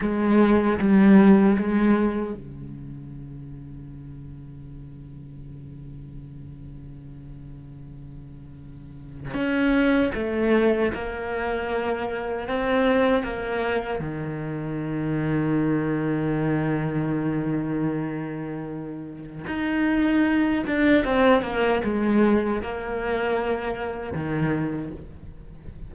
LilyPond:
\new Staff \with { instrumentName = "cello" } { \time 4/4 \tempo 4 = 77 gis4 g4 gis4 cis4~ | cis1~ | cis1 | cis'4 a4 ais2 |
c'4 ais4 dis2~ | dis1~ | dis4 dis'4. d'8 c'8 ais8 | gis4 ais2 dis4 | }